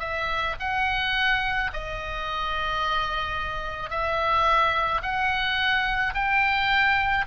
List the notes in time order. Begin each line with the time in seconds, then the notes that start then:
0.00 E5
0.60 F#5
1.73 D#5
3.90 E5
5.03 F#5
6.15 G5